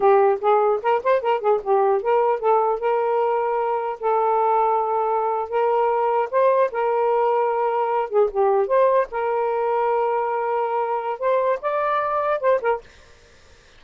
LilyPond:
\new Staff \with { instrumentName = "saxophone" } { \time 4/4 \tempo 4 = 150 g'4 gis'4 ais'8 c''8 ais'8 gis'8 | g'4 ais'4 a'4 ais'4~ | ais'2 a'2~ | a'4.~ a'16 ais'2 c''16~ |
c''8. ais'2.~ ais'16~ | ais'16 gis'8 g'4 c''4 ais'4~ ais'16~ | ais'1 | c''4 d''2 c''8 ais'8 | }